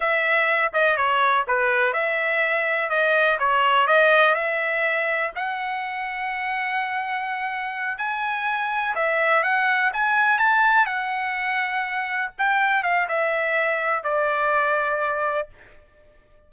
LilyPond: \new Staff \with { instrumentName = "trumpet" } { \time 4/4 \tempo 4 = 124 e''4. dis''8 cis''4 b'4 | e''2 dis''4 cis''4 | dis''4 e''2 fis''4~ | fis''1~ |
fis''8 gis''2 e''4 fis''8~ | fis''8 gis''4 a''4 fis''4.~ | fis''4. g''4 f''8 e''4~ | e''4 d''2. | }